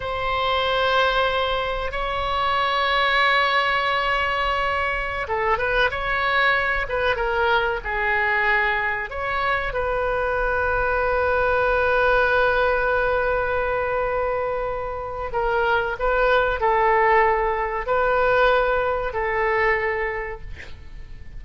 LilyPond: \new Staff \with { instrumentName = "oboe" } { \time 4/4 \tempo 4 = 94 c''2. cis''4~ | cis''1~ | cis''16 a'8 b'8 cis''4. b'8 ais'8.~ | ais'16 gis'2 cis''4 b'8.~ |
b'1~ | b'1 | ais'4 b'4 a'2 | b'2 a'2 | }